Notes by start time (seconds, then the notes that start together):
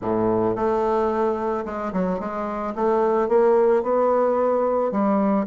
0.01 A2
0.55 A3
1.65 G#3
1.92 F#3
2.19 G#3
2.75 A3
3.28 A#3
3.82 B3
4.91 G3